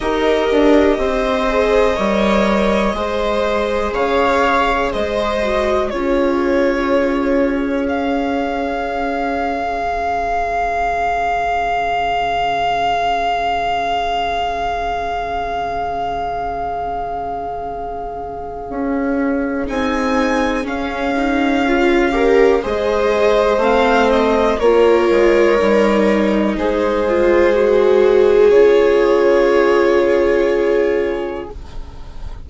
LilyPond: <<
  \new Staff \with { instrumentName = "violin" } { \time 4/4 \tempo 4 = 61 dis''1 | f''4 dis''4 cis''2 | f''1~ | f''1~ |
f''1 | gis''4 f''2 dis''4 | f''8 dis''8 cis''2 c''4~ | c''4 cis''2. | }
  \new Staff \with { instrumentName = "viola" } { \time 4/4 ais'4 c''4 cis''4 c''4 | cis''4 c''4 gis'2~ | gis'1~ | gis'1~ |
gis'1~ | gis'2~ gis'8 ais'8 c''4~ | c''4 ais'2 gis'4~ | gis'1 | }
  \new Staff \with { instrumentName = "viola" } { \time 4/4 g'4. gis'8 ais'4 gis'4~ | gis'4. fis'8 f'2 | cis'1~ | cis'1~ |
cis'1 | dis'4 cis'8 dis'8 f'8 g'8 gis'4 | c'4 f'4 dis'4. f'8 | fis'4 f'2. | }
  \new Staff \with { instrumentName = "bassoon" } { \time 4/4 dis'8 d'8 c'4 g4 gis4 | cis4 gis4 cis'2~ | cis'2 cis2~ | cis1~ |
cis2. cis'4 | c'4 cis'2 gis4 | a4 ais8 gis8 g4 gis4~ | gis4 cis2. | }
>>